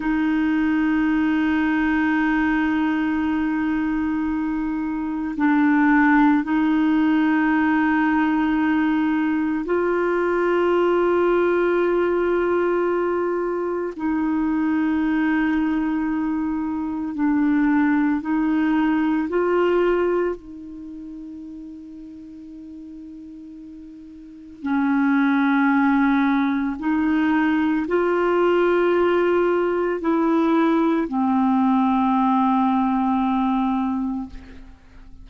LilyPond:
\new Staff \with { instrumentName = "clarinet" } { \time 4/4 \tempo 4 = 56 dis'1~ | dis'4 d'4 dis'2~ | dis'4 f'2.~ | f'4 dis'2. |
d'4 dis'4 f'4 dis'4~ | dis'2. cis'4~ | cis'4 dis'4 f'2 | e'4 c'2. | }